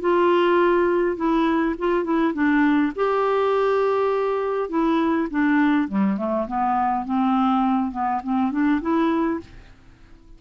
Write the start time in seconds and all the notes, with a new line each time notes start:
0.00 F4
1.16 E4
1.78 F4
2.03 E4
2.33 D4
2.95 G4
4.69 E4
5.30 D4
5.88 G3
6.17 A3
6.47 B3
7.05 C4
7.91 B3
8.23 C4
8.51 D4
8.81 E4